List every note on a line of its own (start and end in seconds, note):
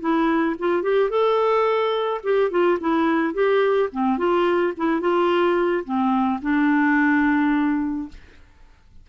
0.00 0.56 E4
0.59 0.83 F4
0.83 1.10 G4
1.10 2.21 A4
2.23 2.50 G4
2.50 2.78 F4
2.80 3.34 E4
3.34 3.89 G4
3.92 4.18 C4
4.18 4.73 F4
4.77 5.00 E4
5.00 5.84 F4
5.84 6.40 C4
6.42 8.08 D4